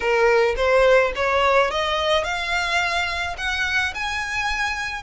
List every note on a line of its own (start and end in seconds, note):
0.00 0.55 A#4
0.56 1.12 C5
1.15 1.70 C#5
1.70 2.24 D#5
2.24 3.36 F5
3.37 3.93 F#5
3.94 5.02 G#5